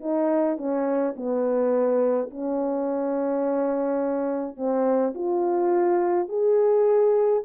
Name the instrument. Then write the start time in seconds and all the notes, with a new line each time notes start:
horn
0.00 D#4
0.57 C#4
1.16 B3
2.30 C#4
4.56 C4
5.14 F4
6.29 G#4